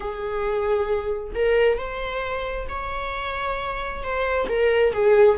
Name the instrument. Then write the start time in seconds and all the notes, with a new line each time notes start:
viola
0.00 G#4
1.34 A#4
1.77 C5
2.69 C#5
4.03 C5
4.49 A#4
4.93 G#4